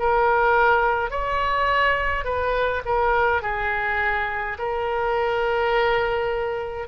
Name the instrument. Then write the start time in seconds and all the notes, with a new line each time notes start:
oboe
0.00 A#4
1.11 C#5
2.25 B4
2.85 A#4
3.42 G#4
4.59 A#4